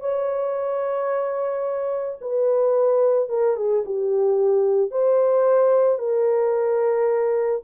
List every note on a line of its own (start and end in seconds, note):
0.00 2.18 C#5
2.21 3.29 B4
3.29 3.56 A#4
3.56 3.83 G#4
3.85 4.91 G4
4.91 5.99 C5
5.99 7.62 A#4